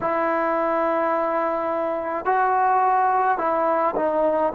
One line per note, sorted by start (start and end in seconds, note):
0.01 2.25 E4
2.25 3.38 F#4
3.38 3.94 E4
3.96 4.52 D#4